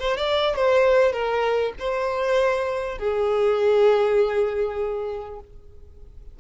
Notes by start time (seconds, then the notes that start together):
0.00 C5
0.17 D5
0.56 C5
1.13 A#4
1.79 C5
2.99 G#4